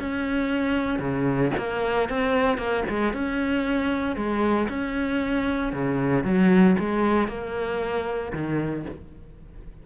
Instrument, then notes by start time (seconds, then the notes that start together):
cello
0.00 C#4
1.00 C#3
1.58 A#3
2.10 C4
2.58 A#3
2.90 G#3
3.14 C#4
4.16 G#3
4.69 C#4
5.73 C#3
6.24 F#3
6.79 G#3
7.29 A#3
8.33 D#3